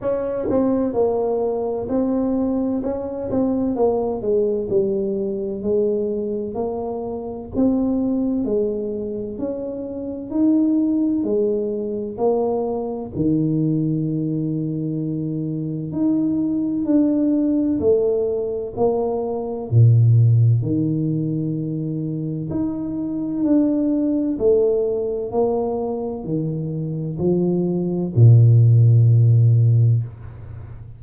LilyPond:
\new Staff \with { instrumentName = "tuba" } { \time 4/4 \tempo 4 = 64 cis'8 c'8 ais4 c'4 cis'8 c'8 | ais8 gis8 g4 gis4 ais4 | c'4 gis4 cis'4 dis'4 | gis4 ais4 dis2~ |
dis4 dis'4 d'4 a4 | ais4 ais,4 dis2 | dis'4 d'4 a4 ais4 | dis4 f4 ais,2 | }